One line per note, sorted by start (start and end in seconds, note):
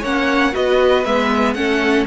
0.00 0.55 A#3
0.00 0.52 C#4
0.00 0.51 C#5
0.00 0.55 F#5
0.52 1.06 B3
0.52 1.03 F#4
0.52 1.56 B4
0.52 1.05 D#5
1.05 1.55 G#3
1.05 1.55 B3
1.05 1.54 E5
1.54 2.06 A3
1.54 2.06 C#4
1.54 2.06 A4
1.54 2.04 F#5